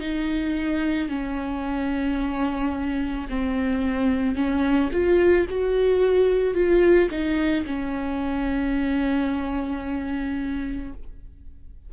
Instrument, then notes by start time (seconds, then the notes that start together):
viola
0.00 D#4
1.08 C#4
3.29 C4
4.35 C#4
4.92 F4
5.49 F#4
6.54 F4
7.10 D#4
7.65 C#4